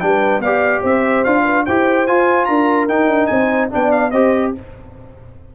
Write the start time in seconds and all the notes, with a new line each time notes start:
0.00 G3 D4 B4 G5
0.39 B3 G4 D5 F5
0.81 C4 C5 E5
1.24 D4 F4 F5
1.44 B4
1.66 E4 G4 C5 G5
2.07 F4 G#5
2.45 D4 A#4 A#5
2.89 D#4 G5
3.07 D4
3.27 C4 C5 G#5
3.71 B3 D4 D5 G5
3.92 F5
4.11 C4 G4 C5 D#5